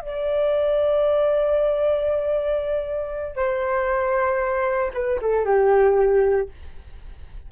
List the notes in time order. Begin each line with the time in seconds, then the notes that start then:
0.00 D5
3.36 C5
4.93 B4
5.21 A4
5.45 G4